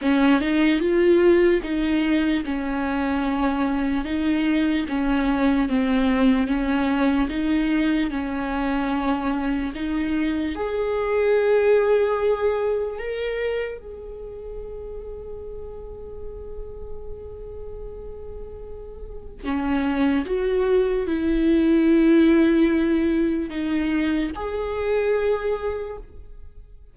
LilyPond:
\new Staff \with { instrumentName = "viola" } { \time 4/4 \tempo 4 = 74 cis'8 dis'8 f'4 dis'4 cis'4~ | cis'4 dis'4 cis'4 c'4 | cis'4 dis'4 cis'2 | dis'4 gis'2. |
ais'4 gis'2.~ | gis'1 | cis'4 fis'4 e'2~ | e'4 dis'4 gis'2 | }